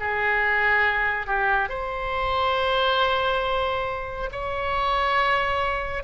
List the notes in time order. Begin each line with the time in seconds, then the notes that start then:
0.00 G#4
1.27 G4
1.70 C5
4.32 C#5